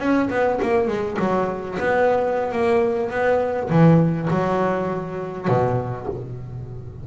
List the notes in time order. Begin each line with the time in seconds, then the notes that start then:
0.00 C#4
0.30 B3
0.62 A#3
0.88 G#3
1.20 F#3
1.80 B3
2.52 A#3
3.11 B3
3.70 E3
4.31 F#3
5.48 B2